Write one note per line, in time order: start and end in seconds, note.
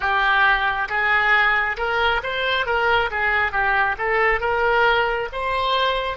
0.00 0.88 G4
0.88 1.76 G#4
1.76 2.21 A#4
2.23 2.66 C5
2.66 3.10 A#4
3.10 3.51 G#4
3.51 3.95 G4
3.97 4.40 A4
4.40 5.28 A#4
5.32 6.17 C5